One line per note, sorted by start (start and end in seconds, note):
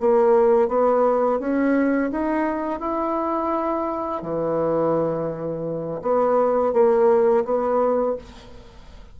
0.00 0.68 A#3
0.68 1.39 B3
1.39 2.10 C#4
2.11 2.80 D#4
2.80 4.22 E4
4.22 6.01 E3
6.02 6.73 B3
6.73 7.44 A#3
7.44 8.16 B3